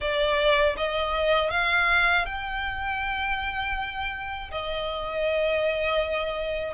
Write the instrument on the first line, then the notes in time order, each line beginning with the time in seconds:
violin
0.00 D5
0.77 D#5
1.50 F5
2.25 G5
4.51 D#5